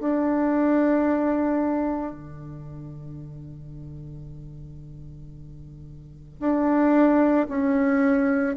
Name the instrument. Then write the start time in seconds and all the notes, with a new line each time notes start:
bassoon
0.00 D4
2.12 D3
6.40 D4
7.49 C#4